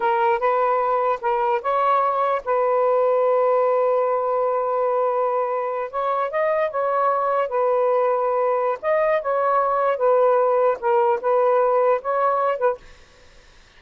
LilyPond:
\new Staff \with { instrumentName = "saxophone" } { \time 4/4 \tempo 4 = 150 ais'4 b'2 ais'4 | cis''2 b'2~ | b'1~ | b'2~ b'8. cis''4 dis''16~ |
dis''8. cis''2 b'4~ b'16~ | b'2 dis''4 cis''4~ | cis''4 b'2 ais'4 | b'2 cis''4. b'8 | }